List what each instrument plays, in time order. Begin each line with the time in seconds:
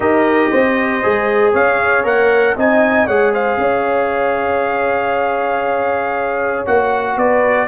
0.00 tuba D#4, trombone G4, horn A#4, trumpet D#5
0.50 tuba C4, horn C5
1.02 tuba G#3, trombone G#4
1.53 tuba C#4, horn C#5, trumpet F5
2.04 tuba A#3, trombone A#4, trumpet F#5
2.55 tuba C4, trombone D#4, horn D#5, trumpet G#5
3.06 tuba G#3, trombone G#4, horn C#5, trumpet F#5
3.33 horn C5, trumpet F5
3.57 tuba C#4, horn C#5
6.66 tuba A#3, trombone F#4, trumpet F#5
7.16 tuba B3, horn B4, trumpet D5